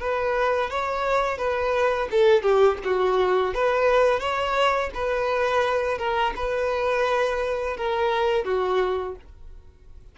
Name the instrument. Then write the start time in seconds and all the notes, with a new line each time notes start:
violin
0.00 B4
0.70 C#5
1.38 B4
2.11 A4
2.43 G4
2.84 F#4
3.54 B4
4.20 C#5
4.94 B4
5.98 A#4
6.36 B4
7.77 A#4
8.45 F#4